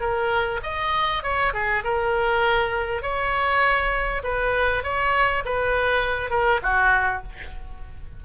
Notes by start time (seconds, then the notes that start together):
0.00 A#4
0.63 D#5
1.23 C#5
1.53 G#4
1.84 A#4
3.02 C#5
4.23 B4
4.83 C#5
5.45 B4
6.30 A#4
6.62 F#4